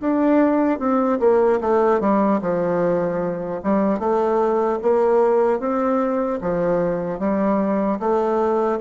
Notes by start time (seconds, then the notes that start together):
0.00 D4
0.79 C4
1.19 A#3
1.61 A3
2.00 G3
2.41 F3
3.63 G3
3.99 A3
4.82 A#3
5.59 C4
6.41 F3
7.19 G3
7.99 A3